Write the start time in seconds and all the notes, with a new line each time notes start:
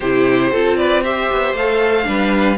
0.00 C3 E4 G4 C5
0.51 C4 F4 A4
0.76 B4 D5
1.03 G4 C5 E5
1.31 B3
1.53 A3 A4 F5
2.04 G3 D4 B4